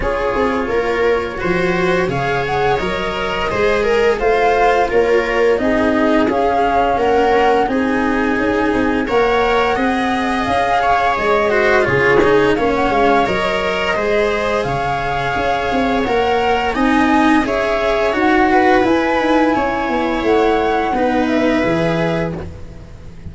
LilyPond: <<
  \new Staff \with { instrumentName = "flute" } { \time 4/4 \tempo 4 = 86 cis''2. f''8 fis''8 | dis''2 f''4 cis''4 | dis''4 f''4 fis''4 gis''4~ | gis''4 fis''2 f''4 |
dis''4 cis''4 f''16 fis''16 f''8 dis''4~ | dis''4 f''2 fis''4 | gis''4 e''4 fis''4 gis''4~ | gis''4 fis''4. e''4. | }
  \new Staff \with { instrumentName = "viola" } { \time 4/4 gis'4 ais'4 c''4 cis''4~ | cis''4 c''8 ais'8 c''4 ais'4 | gis'2 ais'4 gis'4~ | gis'4 cis''4 dis''4. cis''8~ |
cis''8 c''8 gis'4 cis''2 | c''4 cis''2. | dis''4 cis''4. b'4. | cis''2 b'2 | }
  \new Staff \with { instrumentName = "cello" } { \time 4/4 f'2 fis'4 gis'4 | ais'4 gis'4 f'2 | dis'4 cis'2 dis'4~ | dis'4 ais'4 gis'2~ |
gis'8 fis'8 f'8 dis'8 cis'4 ais'4 | gis'2. ais'4 | dis'4 gis'4 fis'4 e'4~ | e'2 dis'4 gis'4 | }
  \new Staff \with { instrumentName = "tuba" } { \time 4/4 cis'8 c'8 ais4 f4 cis4 | fis4 gis4 a4 ais4 | c'4 cis'4 ais4 c'4 | cis'8 c'8 ais4 c'4 cis'4 |
gis4 cis4 ais8 gis8 fis4 | gis4 cis4 cis'8 c'8 ais4 | c'4 cis'4 dis'4 e'8 dis'8 | cis'8 b8 a4 b4 e4 | }
>>